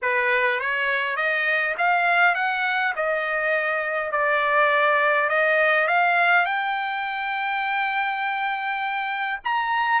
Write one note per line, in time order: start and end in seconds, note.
0.02 0.60 B4
0.60 1.16 C#5
1.16 1.75 D#5
1.78 2.34 F5
2.34 2.93 F#5
2.95 4.11 D#5
4.11 5.29 D5
5.29 5.87 D#5
5.87 6.45 F5
6.45 9.39 G5
9.44 10.00 A#5